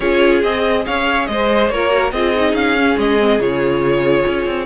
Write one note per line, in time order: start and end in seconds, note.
0.00 0.43 C#4
0.00 0.43 F4
0.00 0.85 G#4
0.00 0.42 C#5
0.42 0.85 C4
0.42 1.71 G#4
0.42 0.85 D#5
0.86 1.28 C#4
0.86 1.28 C#5
0.86 1.26 F5
1.26 1.69 G#3
1.26 1.73 C5
1.26 1.68 D#5
1.68 2.12 A#3
1.68 1.89 F4
1.68 2.13 A#4
1.68 2.11 C#5
1.89 2.10 F#4
2.12 2.53 C4
2.12 2.35 F4
2.12 4.65 G#4
2.12 2.54 D#5
2.35 2.77 D#4
2.53 2.95 C#4
2.53 2.97 F5
2.77 3.19 C#4
2.97 3.38 G#3
2.97 3.41 D#5
3.19 3.39 C4
3.38 4.23 C#3
3.38 4.65 F4
3.38 4.65 C#5
4.27 4.46 C#4
4.46 4.65 C4